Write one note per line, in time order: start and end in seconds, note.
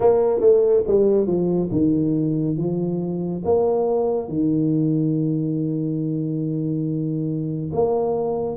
0.00 0.40 A#3
0.40 0.83 A3
0.87 1.26 G3
1.26 1.69 F3
1.71 2.57 D#3
2.57 3.43 F3
3.44 4.28 A#3
4.28 7.71 D#3
7.73 8.56 A#3